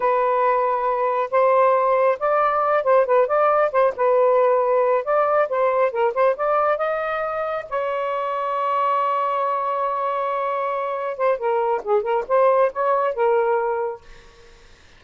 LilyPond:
\new Staff \with { instrumentName = "saxophone" } { \time 4/4 \tempo 4 = 137 b'2. c''4~ | c''4 d''4. c''8 b'8 d''8~ | d''8 c''8 b'2~ b'8 d''8~ | d''8 c''4 ais'8 c''8 d''4 dis''8~ |
dis''4. cis''2~ cis''8~ | cis''1~ | cis''4. c''8 ais'4 gis'8 ais'8 | c''4 cis''4 ais'2 | }